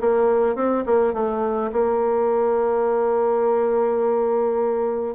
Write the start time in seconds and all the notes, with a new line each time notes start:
0.00 A#3
0.55 C4
0.85 A#3
1.13 A3
1.72 A#3